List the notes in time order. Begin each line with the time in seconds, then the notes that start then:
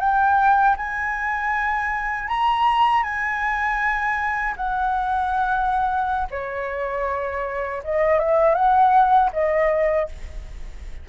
0.00 G5
0.77 G#5
2.29 A#5
3.03 G#5
4.57 F#5
6.31 C#5
7.84 D#5
8.20 E5
8.55 F#5
9.33 D#5